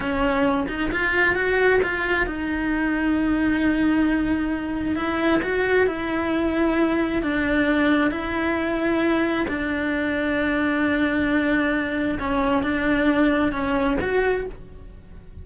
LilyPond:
\new Staff \with { instrumentName = "cello" } { \time 4/4 \tempo 4 = 133 cis'4. dis'8 f'4 fis'4 | f'4 dis'2.~ | dis'2. e'4 | fis'4 e'2. |
d'2 e'2~ | e'4 d'2.~ | d'2. cis'4 | d'2 cis'4 fis'4 | }